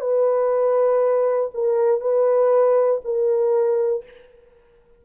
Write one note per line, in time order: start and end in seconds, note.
0.00 1.50 B4
1.54 2.01 A#4
2.01 3.01 B4
3.05 4.05 A#4